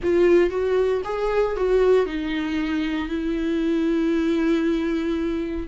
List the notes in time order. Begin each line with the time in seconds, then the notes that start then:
0.03 F4
0.50 F#4
1.04 G#4
1.56 F#4
2.05 D#4
3.08 E4